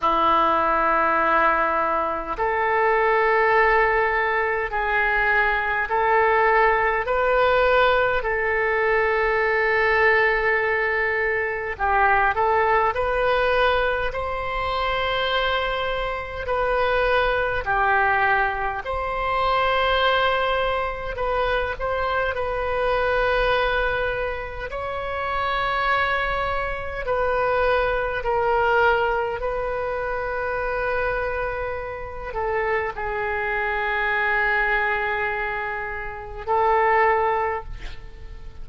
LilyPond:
\new Staff \with { instrumentName = "oboe" } { \time 4/4 \tempo 4 = 51 e'2 a'2 | gis'4 a'4 b'4 a'4~ | a'2 g'8 a'8 b'4 | c''2 b'4 g'4 |
c''2 b'8 c''8 b'4~ | b'4 cis''2 b'4 | ais'4 b'2~ b'8 a'8 | gis'2. a'4 | }